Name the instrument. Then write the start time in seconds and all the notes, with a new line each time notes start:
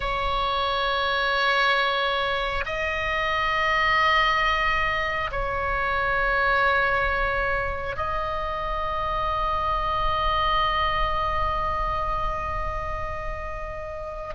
oboe
0.00 C#5
2.65 D#5
5.31 C#5
7.96 D#5